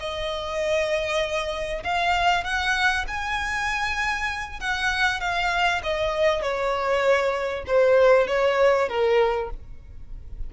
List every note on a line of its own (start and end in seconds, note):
0.00 1.84 D#5
1.84 2.44 F5
2.44 3.06 F#5
3.08 4.60 G#5
4.60 5.21 F#5
5.21 5.82 F5
5.84 6.42 D#5
6.42 7.65 C#5
7.67 8.28 C5
8.28 8.89 C#5
8.89 9.50 A#4